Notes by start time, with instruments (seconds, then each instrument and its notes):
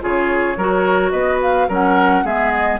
0.00 bassoon C#3, clarinet F4, oboe G#4, flute C#5
0.57 bassoon F#3, clarinet F#4, oboe A#4
1.10 bassoon B3, oboe B4, flute D#5
1.42 flute F5
1.68 bassoon F#3, clarinet C#4, oboe A#4, flute F#5
2.23 bassoon G#3, clarinet B3, oboe G#4, flute E5
2.51 flute D#5